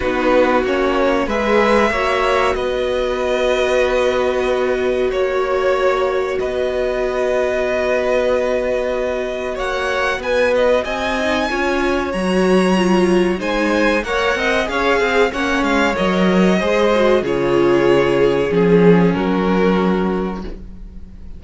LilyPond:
<<
  \new Staff \with { instrumentName = "violin" } { \time 4/4 \tempo 4 = 94 b'4 cis''4 e''2 | dis''1 | cis''2 dis''2~ | dis''2. fis''4 |
gis''8 dis''8 gis''2 ais''4~ | ais''4 gis''4 fis''4 f''4 | fis''8 f''8 dis''2 cis''4~ | cis''4 gis'4 ais'2 | }
  \new Staff \with { instrumentName = "violin" } { \time 4/4 fis'2 b'4 cis''4 | b'1 | cis''2 b'2~ | b'2. cis''4 |
b'4 dis''4 cis''2~ | cis''4 c''4 cis''8 dis''8 cis''8 gis'8 | cis''2 c''4 gis'4~ | gis'2 fis'2 | }
  \new Staff \with { instrumentName = "viola" } { \time 4/4 dis'4 cis'4 gis'4 fis'4~ | fis'1~ | fis'1~ | fis'1~ |
fis'4. dis'8 f'4 fis'4 | f'4 dis'4 ais'4 gis'4 | cis'4 ais'4 gis'8 fis'8 f'4~ | f'4 cis'2. | }
  \new Staff \with { instrumentName = "cello" } { \time 4/4 b4 ais4 gis4 ais4 | b1 | ais2 b2~ | b2. ais4 |
b4 c'4 cis'4 fis4~ | fis4 gis4 ais8 c'8 cis'8 c'8 | ais8 gis8 fis4 gis4 cis4~ | cis4 f4 fis2 | }
>>